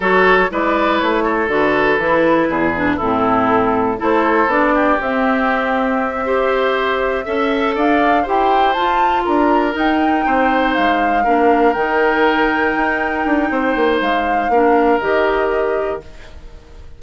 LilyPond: <<
  \new Staff \with { instrumentName = "flute" } { \time 4/4 \tempo 4 = 120 cis''4 d''4 cis''4 b'4~ | b'2 a'2 | c''4 d''4 e''2~ | e''2.~ e''8 f''8~ |
f''8 g''4 a''4 ais''4 g''8~ | g''4. f''2 g''8~ | g''1 | f''2 dis''2 | }
  \new Staff \with { instrumentName = "oboe" } { \time 4/4 a'4 b'4. a'4.~ | a'4 gis'4 e'2 | a'4. g'2~ g'8~ | g'8 c''2 e''4 d''8~ |
d''8 c''2 ais'4.~ | ais'8 c''2 ais'4.~ | ais'2. c''4~ | c''4 ais'2. | }
  \new Staff \with { instrumentName = "clarinet" } { \time 4/4 fis'4 e'2 fis'4 | e'4. d'8 c'2 | e'4 d'4 c'2~ | c'8 g'2 a'4.~ |
a'8 g'4 f'2 dis'8~ | dis'2~ dis'8 d'4 dis'8~ | dis'1~ | dis'4 d'4 g'2 | }
  \new Staff \with { instrumentName = "bassoon" } { \time 4/4 fis4 gis4 a4 d4 | e4 e,4 a,2 | a4 b4 c'2~ | c'2~ c'8 cis'4 d'8~ |
d'8 e'4 f'4 d'4 dis'8~ | dis'8 c'4 gis4 ais4 dis8~ | dis4. dis'4 d'8 c'8 ais8 | gis4 ais4 dis2 | }
>>